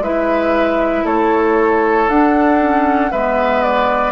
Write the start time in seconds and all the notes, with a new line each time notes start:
0.00 G#3 E4 B4 E5
1.05 A3 A4 C#5
2.09 D4 F#5
2.60 C#4
3.12 G#3 B3 B4 E5
3.63 D5